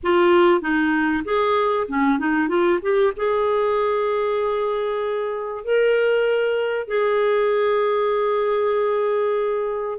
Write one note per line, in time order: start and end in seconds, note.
0.03 0.61 F4
0.61 1.23 D#4
1.24 1.87 G#4
1.88 2.18 C#4
2.18 2.48 D#4
2.48 2.79 F4
2.82 3.13 G4
3.16 5.64 G#4
5.64 6.87 A#4
6.87 9.99 G#4